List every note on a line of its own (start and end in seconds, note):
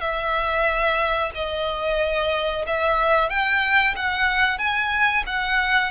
0.00 1.30 E5
1.35 2.65 D#5
2.67 3.30 E5
3.30 3.95 G5
3.96 4.58 F#5
4.58 5.24 G#5
5.26 5.91 F#5